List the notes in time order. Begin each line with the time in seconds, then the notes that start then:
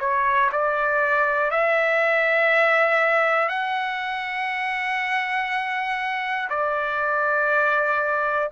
0.00 C#5
0.52 D5
1.51 E5
3.49 F#5
6.50 D5